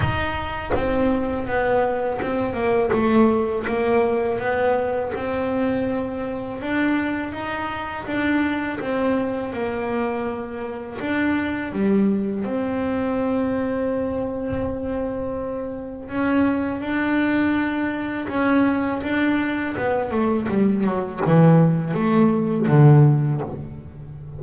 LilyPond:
\new Staff \with { instrumentName = "double bass" } { \time 4/4 \tempo 4 = 82 dis'4 c'4 b4 c'8 ais8 | a4 ais4 b4 c'4~ | c'4 d'4 dis'4 d'4 | c'4 ais2 d'4 |
g4 c'2.~ | c'2 cis'4 d'4~ | d'4 cis'4 d'4 b8 a8 | g8 fis8 e4 a4 d4 | }